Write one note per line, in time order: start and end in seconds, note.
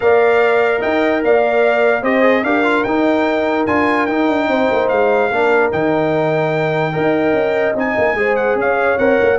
0.00 0.82 A#3
0.00 2.03 A#4
0.00 0.80 D5
0.00 0.81 F5
0.80 1.23 D#4
0.80 1.21 D#5
0.80 1.22 G5
1.23 2.02 A#3
1.23 2.02 D5
1.23 2.04 F5
2.02 2.43 C4
2.02 2.22 G4
2.02 2.43 C5
2.02 2.44 D#5
2.22 2.42 G#4
2.43 2.84 D4
2.43 2.64 G4
2.43 4.48 A#4
2.43 2.83 F5
2.64 2.84 F4
2.83 3.66 D#4
2.83 3.67 D#4
2.83 3.65 G5
3.66 4.08 D4
3.66 4.08 F4
3.66 4.06 G#5
4.06 4.28 D#4
4.06 5.31 D#4
4.06 4.88 G5
4.28 4.48 D4
4.48 4.68 C4
4.48 5.29 C5
4.71 4.91 A#3
4.88 5.30 G#3
4.88 5.70 F5
5.29 5.71 A#3
5.29 5.71 D4
5.29 6.92 A#4
5.71 6.95 D#3
5.71 6.92 D#4
5.71 7.76 G5
6.92 7.32 D#4
6.92 7.74 A#4
6.92 8.16 D#5
7.32 7.73 C#4
7.74 7.95 C4
7.74 8.16 D#4
7.74 8.36 G#5
7.98 8.14 A#3
8.14 8.55 G#3
8.14 8.98 G#4
8.14 8.59 C5
8.36 8.56 F#5
8.55 8.96 C#4
8.55 9.38 C#5
8.55 8.98 F5
8.98 9.18 C4
8.98 9.38 A#4
8.98 9.38 F#5
9.22 9.38 A#3